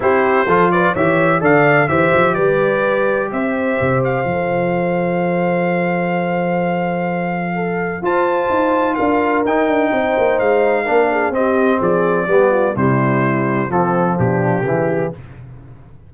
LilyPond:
<<
  \new Staff \with { instrumentName = "trumpet" } { \time 4/4 \tempo 4 = 127 c''4. d''8 e''4 f''4 | e''4 d''2 e''4~ | e''8 f''2.~ f''8~ | f''1~ |
f''4 a''2 f''4 | g''2 f''2 | dis''4 d''2 c''4~ | c''4 a'4 g'2 | }
  \new Staff \with { instrumentName = "horn" } { \time 4/4 g'4 a'8 b'8 cis''4 d''4 | c''4 b'2 c''4~ | c''1~ | c''1 |
a'4 c''2 ais'4~ | ais'4 c''2 ais'8 gis'8 | g'4 gis'4 g'8 f'8 e'4~ | e'4 c'4 d'4 e'4 | }
  \new Staff \with { instrumentName = "trombone" } { \time 4/4 e'4 f'4 g'4 a'4 | g'1~ | g'4 a'2.~ | a'1~ |
a'4 f'2. | dis'2. d'4 | c'2 b4 g4~ | g4 f2 e4 | }
  \new Staff \with { instrumentName = "tuba" } { \time 4/4 c'4 f4 e4 d4 | e8 f8 g2 c'4 | c4 f2.~ | f1~ |
f4 f'4 dis'4 d'4 | dis'8 d'8 c'8 ais8 gis4 ais4 | c'4 f4 g4 c4~ | c4 f4 b,4 cis4 | }
>>